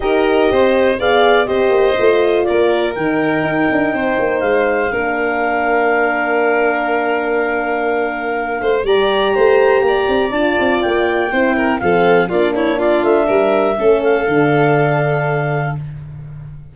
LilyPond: <<
  \new Staff \with { instrumentName = "clarinet" } { \time 4/4 \tempo 4 = 122 dis''2 f''4 dis''4~ | dis''4 d''4 g''2~ | g''4 f''2.~ | f''1~ |
f''2 ais''2~ | ais''4 a''4 g''2 | f''4 d''8 cis''8 d''8 e''4.~ | e''8 f''2.~ f''8 | }
  \new Staff \with { instrumentName = "violin" } { \time 4/4 ais'4 c''4 d''4 c''4~ | c''4 ais'2. | c''2 ais'2~ | ais'1~ |
ais'4. c''8 d''4 c''4 | d''2. c''8 ais'8 | a'4 f'8 e'8 f'4 ais'4 | a'1 | }
  \new Staff \with { instrumentName = "horn" } { \time 4/4 g'2 gis'4 g'4 | f'2 dis'2~ | dis'2 d'2~ | d'1~ |
d'2 g'2~ | g'4 f'2 e'4 | c'4 d'2. | cis'4 d'2. | }
  \new Staff \with { instrumentName = "tuba" } { \time 4/4 dis'4 c'4 b4 c'8 ais8 | a4 ais4 dis4 dis'8 d'8 | c'8 ais8 gis4 ais2~ | ais1~ |
ais4. a8 g4 a4 | ais8 c'8 d'8 c'8 ais4 c'4 | f4 ais4. a8 g4 | a4 d2. | }
>>